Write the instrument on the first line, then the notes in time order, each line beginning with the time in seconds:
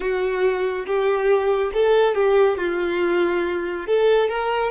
violin
0.00 F#4
0.86 G4
1.73 A4
2.14 G4
2.57 F4
3.86 A4
4.29 A#4